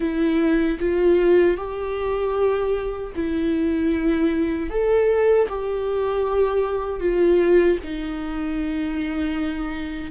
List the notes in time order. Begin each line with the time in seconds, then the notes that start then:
0.00 E4
0.79 F4
1.57 G4
3.15 E4
4.70 A4
5.48 G4
7.00 F4
7.83 D#4